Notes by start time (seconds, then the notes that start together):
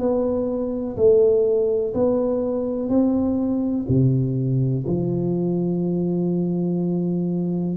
0.00 B3
0.97 A3
1.94 B3
2.89 C4
3.89 C3
4.87 F3